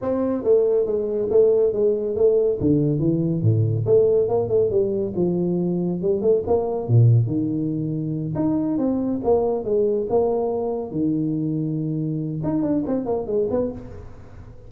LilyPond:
\new Staff \with { instrumentName = "tuba" } { \time 4/4 \tempo 4 = 140 c'4 a4 gis4 a4 | gis4 a4 d4 e4 | a,4 a4 ais8 a8 g4 | f2 g8 a8 ais4 |
ais,4 dis2~ dis8 dis'8~ | dis'8 c'4 ais4 gis4 ais8~ | ais4. dis2~ dis8~ | dis4 dis'8 d'8 c'8 ais8 gis8 b8 | }